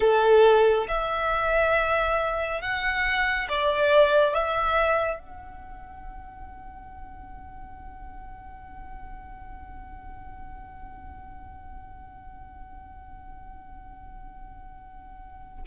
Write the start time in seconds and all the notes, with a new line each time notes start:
0.00 A4
0.87 E5
2.61 F#5
3.48 D5
4.34 E5
5.19 F#5